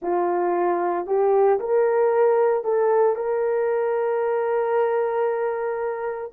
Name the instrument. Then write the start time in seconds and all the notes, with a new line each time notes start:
horn
0.02 F4
1.06 G4
1.59 A#4
2.64 A4
3.15 A#4